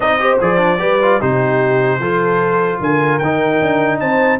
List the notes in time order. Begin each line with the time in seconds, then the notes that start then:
0.00 C4 D#4 D5 D#5
0.19 G4 C5
0.40 F3 G#4 D5
0.57 D4
0.78 G3 G4 B4
1.02 F4
1.19 C3 D#4 G4 C5
1.99 F3 F4 A4
2.79 D3 A#4 G#5
3.18 D#3 D#4 G5
3.61 D4
3.99 C4 C5 A5